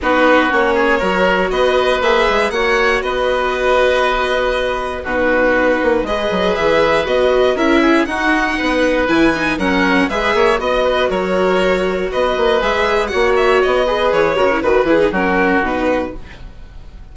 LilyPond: <<
  \new Staff \with { instrumentName = "violin" } { \time 4/4 \tempo 4 = 119 b'4 cis''2 dis''4 | e''4 fis''4 dis''2~ | dis''2 b'2 | dis''4 e''4 dis''4 e''4 |
fis''2 gis''4 fis''4 | e''4 dis''4 cis''2 | dis''4 e''4 fis''8 e''8 dis''4 | cis''4 b'8 gis'8 ais'4 b'4 | }
  \new Staff \with { instrumentName = "oboe" } { \time 4/4 fis'4. gis'8 ais'4 b'4~ | b'4 cis''4 b'2~ | b'2 fis'2 | b'2. ais'8 gis'8 |
fis'4 b'2 ais'4 | b'8 cis''8 dis''8 b'8 ais'2 | b'2 cis''4. b'8~ | b'8 ais'8 b'4 fis'2 | }
  \new Staff \with { instrumentName = "viola" } { \time 4/4 dis'4 cis'4 fis'2 | gis'4 fis'2.~ | fis'2 dis'2 | gis'2 fis'4 e'4 |
dis'2 e'8 dis'8 cis'4 | gis'4 fis'2.~ | fis'4 gis'4 fis'4. gis'8~ | gis'8 fis'16 e'16 fis'8 e'16 dis'16 cis'4 dis'4 | }
  \new Staff \with { instrumentName = "bassoon" } { \time 4/4 b4 ais4 fis4 b4 | ais8 gis8 ais4 b2~ | b2 b,4. ais8 | gis8 fis8 e4 b4 cis'4 |
dis'4 b4 e4 fis4 | gis8 ais8 b4 fis2 | b8 ais8 gis4 ais4 b4 | e8 cis8 dis8 e8 fis4 b,4 | }
>>